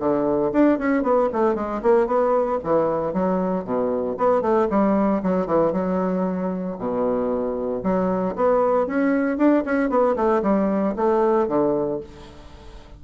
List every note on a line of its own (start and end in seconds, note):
0.00 0.52 D3
0.53 0.79 D4
0.79 1.03 C#4
1.03 1.29 B3
1.34 1.56 A3
1.56 1.82 G#3
1.83 2.07 A#3
2.07 2.59 B3
2.64 3.14 E3
3.14 3.65 F#3
3.65 4.17 B2
4.18 4.42 B3
4.42 4.68 A3
4.71 5.23 G3
5.23 5.47 F#3
5.47 5.73 E3
5.73 6.77 F#3
6.79 7.83 B2
7.84 8.36 F#3
8.36 8.87 B3
8.87 9.38 C#4
9.38 9.64 D4
9.66 9.90 C#4
9.90 10.16 B3
10.16 10.43 A3
10.43 10.95 G3
10.96 11.48 A3
11.48 12.00 D3